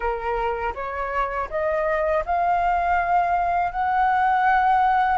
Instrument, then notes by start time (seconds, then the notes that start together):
flute
0.00 A#4
0.74 C#5
1.49 D#5
2.25 F5
3.72 F#5